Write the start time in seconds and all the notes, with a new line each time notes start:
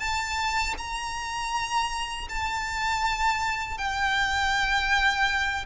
0.00 A5
0.78 A#5
2.30 A5
3.78 G5